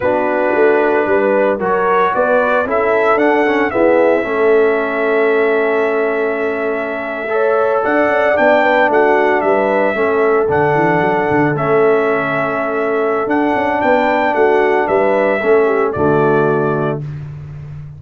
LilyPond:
<<
  \new Staff \with { instrumentName = "trumpet" } { \time 4/4 \tempo 4 = 113 b'2. cis''4 | d''4 e''4 fis''4 e''4~ | e''1~ | e''2~ e''8. fis''4 g''16~ |
g''8. fis''4 e''2 fis''16~ | fis''4.~ fis''16 e''2~ e''16~ | e''4 fis''4 g''4 fis''4 | e''2 d''2 | }
  \new Staff \with { instrumentName = "horn" } { \time 4/4 fis'2 b'4 ais'4 | b'4 a'2 gis'4 | a'1~ | a'4.~ a'16 cis''4 d''4~ d''16~ |
d''16 b'8 fis'4 b'4 a'4~ a'16~ | a'1~ | a'2 b'4 fis'4 | b'4 a'8 g'8 fis'2 | }
  \new Staff \with { instrumentName = "trombone" } { \time 4/4 d'2. fis'4~ | fis'4 e'4 d'8 cis'8 b4 | cis'1~ | cis'4.~ cis'16 a'2 d'16~ |
d'2~ d'8. cis'4 d'16~ | d'4.~ d'16 cis'2~ cis'16~ | cis'4 d'2.~ | d'4 cis'4 a2 | }
  \new Staff \with { instrumentName = "tuba" } { \time 4/4 b4 a4 g4 fis4 | b4 cis'4 d'4 e'4 | a1~ | a2~ a8. d'8 cis'8 b16~ |
b8. a4 g4 a4 d16~ | d16 e8 fis8 d8 a2~ a16~ | a4 d'8 cis'8 b4 a4 | g4 a4 d2 | }
>>